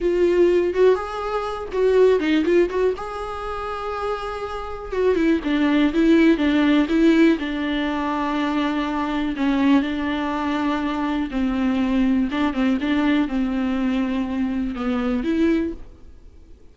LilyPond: \new Staff \with { instrumentName = "viola" } { \time 4/4 \tempo 4 = 122 f'4. fis'8 gis'4. fis'8~ | fis'8 dis'8 f'8 fis'8 gis'2~ | gis'2 fis'8 e'8 d'4 | e'4 d'4 e'4 d'4~ |
d'2. cis'4 | d'2. c'4~ | c'4 d'8 c'8 d'4 c'4~ | c'2 b4 e'4 | }